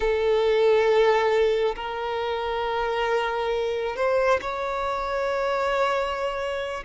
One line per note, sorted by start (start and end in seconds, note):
0.00 1.74 A4
1.75 3.95 A#4
3.95 4.40 C5
4.41 6.84 C#5